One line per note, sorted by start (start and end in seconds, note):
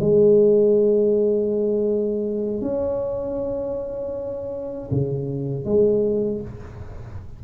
0.00 2.62 G#3
2.62 4.90 C#4
4.91 5.65 C#3
5.65 6.41 G#3